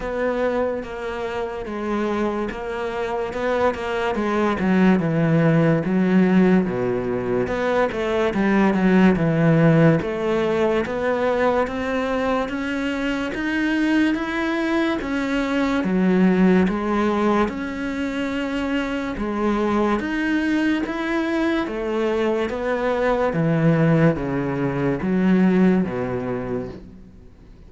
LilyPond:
\new Staff \with { instrumentName = "cello" } { \time 4/4 \tempo 4 = 72 b4 ais4 gis4 ais4 | b8 ais8 gis8 fis8 e4 fis4 | b,4 b8 a8 g8 fis8 e4 | a4 b4 c'4 cis'4 |
dis'4 e'4 cis'4 fis4 | gis4 cis'2 gis4 | dis'4 e'4 a4 b4 | e4 cis4 fis4 b,4 | }